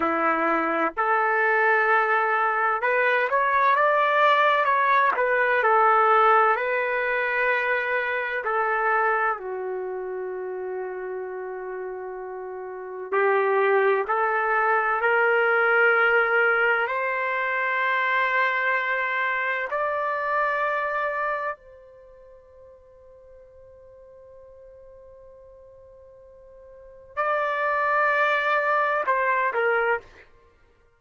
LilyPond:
\new Staff \with { instrumentName = "trumpet" } { \time 4/4 \tempo 4 = 64 e'4 a'2 b'8 cis''8 | d''4 cis''8 b'8 a'4 b'4~ | b'4 a'4 fis'2~ | fis'2 g'4 a'4 |
ais'2 c''2~ | c''4 d''2 c''4~ | c''1~ | c''4 d''2 c''8 ais'8 | }